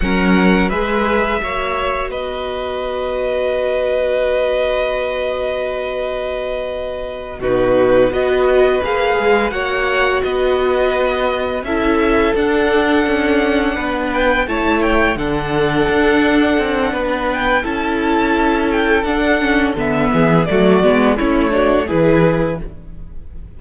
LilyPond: <<
  \new Staff \with { instrumentName = "violin" } { \time 4/4 \tempo 4 = 85 fis''4 e''2 dis''4~ | dis''1~ | dis''2~ dis''8 b'4 dis''8~ | dis''8 f''4 fis''4 dis''4.~ |
dis''8 e''4 fis''2~ fis''8 | g''8 a''8 g''8 fis''2~ fis''8~ | fis''8 g''8 a''4. g''8 fis''4 | e''4 d''4 cis''4 b'4 | }
  \new Staff \with { instrumentName = "violin" } { \time 4/4 ais'4 b'4 cis''4 b'4~ | b'1~ | b'2~ b'8 fis'4 b'8~ | b'4. cis''4 b'4.~ |
b'8 a'2. b'8~ | b'8 cis''4 a'2~ a'8 | b'4 a'2.~ | a'8 gis'8 fis'4 e'8 fis'8 gis'4 | }
  \new Staff \with { instrumentName = "viola" } { \time 4/4 cis'4 gis'4 fis'2~ | fis'1~ | fis'2~ fis'8 dis'4 fis'8~ | fis'8 gis'4 fis'2~ fis'8~ |
fis'8 e'4 d'2~ d'8~ | d'8 e'4 d'2~ d'8~ | d'4 e'2 d'8 cis'8 | b4 a8 b8 cis'8 d'8 e'4 | }
  \new Staff \with { instrumentName = "cello" } { \time 4/4 fis4 gis4 ais4 b4~ | b1~ | b2~ b8 b,4 b8~ | b8 ais8 gis8 ais4 b4.~ |
b8 cis'4 d'4 cis'4 b8~ | b8 a4 d4 d'4 c'8 | b4 cis'2 d'4 | d8 e8 fis8 gis8 a4 e4 | }
>>